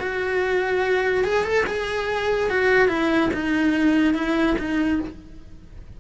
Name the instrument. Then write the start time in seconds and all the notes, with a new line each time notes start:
cello
0.00 F#4
1.24 G#4
1.44 A4
1.67 G#4
2.50 F#4
2.88 E4
3.33 D#4
4.14 E4
4.59 D#4